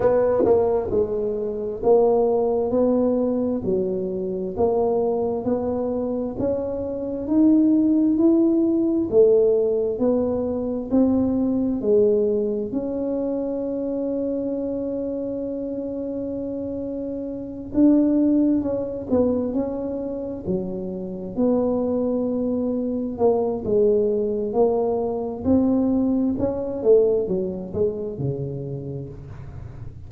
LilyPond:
\new Staff \with { instrumentName = "tuba" } { \time 4/4 \tempo 4 = 66 b8 ais8 gis4 ais4 b4 | fis4 ais4 b4 cis'4 | dis'4 e'4 a4 b4 | c'4 gis4 cis'2~ |
cis'2.~ cis'8 d'8~ | d'8 cis'8 b8 cis'4 fis4 b8~ | b4. ais8 gis4 ais4 | c'4 cis'8 a8 fis8 gis8 cis4 | }